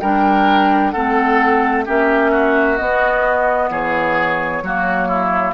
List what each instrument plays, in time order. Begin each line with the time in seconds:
0.00 bassoon G3, clarinet D4, oboe A#4, flute G5
0.91 bassoon A3, clarinet C4, oboe A4, flute F#5
1.85 bassoon A#3, clarinet C#4, oboe G4, flute E5
2.31 oboe F#4
2.77 clarinet B3, bassoon B3, flute D#5
3.70 bassoon E3, oboe G#4, flute C#5
4.62 bassoon F#3, clarinet A#3, oboe F#4
5.08 oboe E4